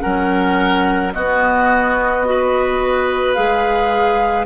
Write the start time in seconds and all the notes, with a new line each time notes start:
0.00 F#3 C#4 A#4 F#5
1.12 B3 F#4 D#5
2.25 F#4 B4
3.34 G#3 G#4 F5